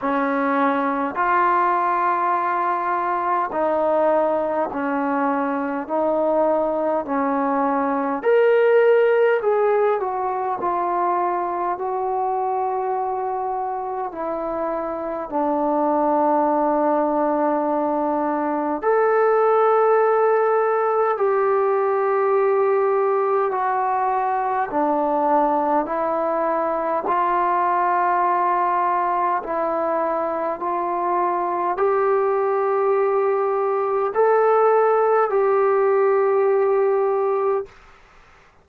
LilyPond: \new Staff \with { instrumentName = "trombone" } { \time 4/4 \tempo 4 = 51 cis'4 f'2 dis'4 | cis'4 dis'4 cis'4 ais'4 | gis'8 fis'8 f'4 fis'2 | e'4 d'2. |
a'2 g'2 | fis'4 d'4 e'4 f'4~ | f'4 e'4 f'4 g'4~ | g'4 a'4 g'2 | }